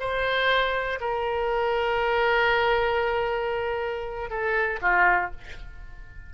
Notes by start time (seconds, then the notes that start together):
0.00 C5
1.01 A#4
4.30 A4
4.82 F4